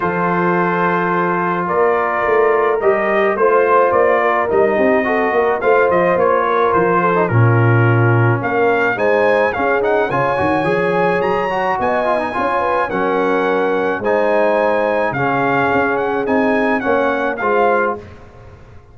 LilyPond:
<<
  \new Staff \with { instrumentName = "trumpet" } { \time 4/4 \tempo 4 = 107 c''2. d''4~ | d''4 dis''4 c''4 d''4 | dis''2 f''8 dis''8 cis''4 | c''4 ais'2 f''4 |
gis''4 f''8 fis''8 gis''2 | ais''4 gis''2 fis''4~ | fis''4 gis''2 f''4~ | f''8 fis''8 gis''4 fis''4 f''4 | }
  \new Staff \with { instrumentName = "horn" } { \time 4/4 a'2. ais'4~ | ais'2 c''4. ais'8~ | ais'8 g'8 a'8 ais'8 c''4. ais'8~ | ais'8 a'8 f'2 ais'4 |
c''4 gis'4 cis''2~ | cis''4 dis''4 cis''8 b'8 ais'4~ | ais'4 c''2 gis'4~ | gis'2 cis''4 c''4 | }
  \new Staff \with { instrumentName = "trombone" } { \time 4/4 f'1~ | f'4 g'4 f'2 | dis'4 fis'4 f'2~ | f'8. dis'16 cis'2. |
dis'4 cis'8 dis'8 f'8 fis'8 gis'4~ | gis'8 fis'4 f'16 dis'16 f'4 cis'4~ | cis'4 dis'2 cis'4~ | cis'4 dis'4 cis'4 f'4 | }
  \new Staff \with { instrumentName = "tuba" } { \time 4/4 f2. ais4 | a4 g4 a4 ais4 | g8 c'4 ais8 a8 f8 ais4 | f4 ais,2 ais4 |
gis4 cis'4 cis8 dis8 f4 | fis4 b4 cis'4 fis4~ | fis4 gis2 cis4 | cis'4 c'4 ais4 gis4 | }
>>